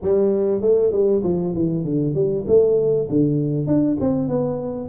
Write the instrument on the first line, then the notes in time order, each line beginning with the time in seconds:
tuba
0.02 G3
0.61 A3
0.92 G3
1.23 F3
1.53 E3
1.84 D3
2.14 G3
2.47 A3
3.09 D3
3.66 D4
4.00 C4
4.28 B3